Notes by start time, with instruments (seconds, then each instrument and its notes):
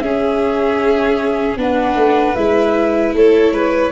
0.00 tuba C#4, viola C#4, violin G#4, flute E5
1.57 tuba B3, viola D4, violin B4, flute F#5
1.95 tuba A3
2.35 tuba G#3, viola E4, flute E5
3.14 tuba A3, violin A4, flute C#5
3.52 tuba G#3, violin B4